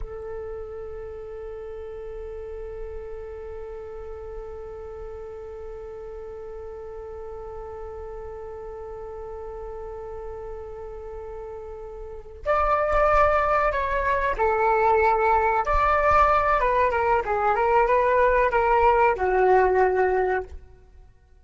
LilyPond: \new Staff \with { instrumentName = "flute" } { \time 4/4 \tempo 4 = 94 a'1~ | a'1~ | a'1~ | a'1~ |
a'2.~ a'8 d''8~ | d''4. cis''4 a'4.~ | a'8 d''4. b'8 ais'8 gis'8 ais'8 | b'4 ais'4 fis'2 | }